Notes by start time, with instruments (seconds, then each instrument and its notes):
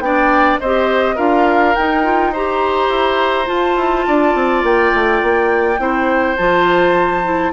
0.00 bassoon B3, clarinet D4, oboe D5, flute G5
0.60 bassoon C4, clarinet G4, oboe C5, flute D#5
1.16 bassoon D4, clarinet F4, oboe A#4, flute F5
1.76 bassoon D#4, clarinet D#4, flute G5
2.04 clarinet F4
2.33 clarinet G4, oboe C5, flute A#5
2.89 bassoon E4
3.46 clarinet F4, bassoon F4, flute A5
3.77 bassoon E4
4.08 bassoon D4, oboe D5
4.35 bassoon C4
4.63 bassoon A#3, flute G5
4.94 bassoon A3
5.22 bassoon A#3
5.79 bassoon C4, clarinet E4, oboe C5
6.37 bassoon F3, clarinet F4, flute A5
7.24 clarinet E4